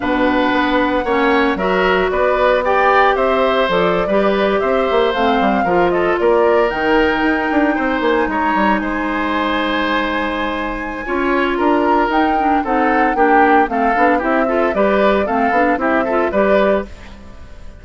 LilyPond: <<
  \new Staff \with { instrumentName = "flute" } { \time 4/4 \tempo 4 = 114 fis''2. e''4 | d''4 g''4 e''4 d''4~ | d''8. e''4 f''4. dis''8 d''16~ | d''8. g''2~ g''8 gis''8 ais''16~ |
ais''8. gis''2.~ gis''16~ | gis''2 ais''4 g''4 | fis''4 g''4 f''4 e''4 | d''4 f''4 e''4 d''4 | }
  \new Staff \with { instrumentName = "oboe" } { \time 4/4 b'2 cis''4 ais'4 | b'4 d''4 c''4.~ c''16 b'16~ | b'8. c''2 ais'8 a'8 ais'16~ | ais'2~ ais'8. c''4 cis''16~ |
cis''8. c''2.~ c''16~ | c''4 cis''4 ais'2 | a'4 g'4 a'4 g'8 a'8 | b'4 a'4 g'8 a'8 b'4 | }
  \new Staff \with { instrumentName = "clarinet" } { \time 4/4 d'2 cis'4 fis'4~ | fis'4 g'2 a'8. g'16~ | g'4.~ g'16 c'4 f'4~ f'16~ | f'8. dis'2.~ dis'16~ |
dis'1~ | dis'4 f'2 dis'8 d'8 | dis'4 d'4 c'8 d'8 e'8 f'8 | g'4 c'8 d'8 e'8 f'8 g'4 | }
  \new Staff \with { instrumentName = "bassoon" } { \time 4/4 b,4 b4 ais4 fis4 | b2 c'4 f8. g16~ | g8. c'8 ais8 a8 g8 f4 ais16~ | ais8. dis4 dis'8 d'8 c'8 ais8 gis16~ |
gis16 g8 gis2.~ gis16~ | gis4 cis'4 d'4 dis'4 | c'4 ais4 a8 b8 c'4 | g4 a8 b8 c'4 g4 | }
>>